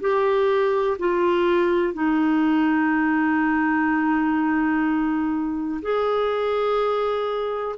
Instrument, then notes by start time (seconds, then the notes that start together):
clarinet
0.00 G4
0.99 F4
1.94 D#4
5.82 G#4